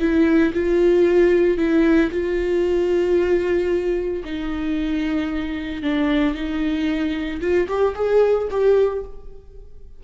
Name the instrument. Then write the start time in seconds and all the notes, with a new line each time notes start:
viola
0.00 E4
0.54 F4
1.58 E4
2.11 F4
4.25 D#4
5.83 D4
6.35 D#4
7.41 F4
7.68 G4
7.95 G#4
8.51 G4